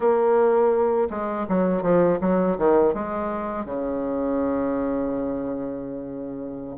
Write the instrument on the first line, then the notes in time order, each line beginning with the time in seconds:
bassoon
0.00 A#3
1.09 G#3
1.48 F#3
1.82 F3
2.21 F#3
2.58 D#3
2.94 G#3
3.65 C#3